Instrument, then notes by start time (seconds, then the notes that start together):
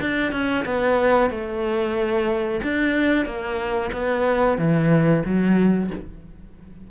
cello
0.00 D4
0.32 C#4
0.65 B3
1.30 A3
2.63 D4
3.25 A#3
3.92 B3
4.58 E3
5.25 F#3